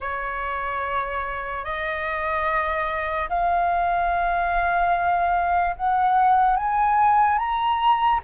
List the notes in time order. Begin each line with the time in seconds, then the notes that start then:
0.00 C#5
1.64 D#5
3.29 F5
5.76 F#5
6.56 G#5
7.38 A#5